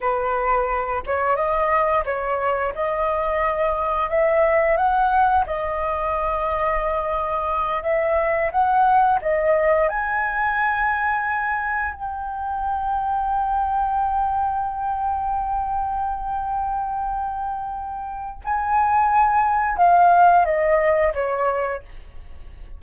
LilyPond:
\new Staff \with { instrumentName = "flute" } { \time 4/4 \tempo 4 = 88 b'4. cis''8 dis''4 cis''4 | dis''2 e''4 fis''4 | dis''2.~ dis''8 e''8~ | e''8 fis''4 dis''4 gis''4.~ |
gis''4. g''2~ g''8~ | g''1~ | g''2. gis''4~ | gis''4 f''4 dis''4 cis''4 | }